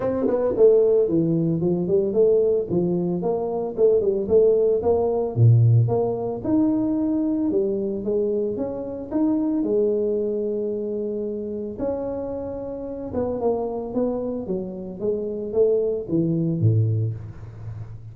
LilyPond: \new Staff \with { instrumentName = "tuba" } { \time 4/4 \tempo 4 = 112 c'8 b8 a4 e4 f8 g8 | a4 f4 ais4 a8 g8 | a4 ais4 ais,4 ais4 | dis'2 g4 gis4 |
cis'4 dis'4 gis2~ | gis2 cis'2~ | cis'8 b8 ais4 b4 fis4 | gis4 a4 e4 a,4 | }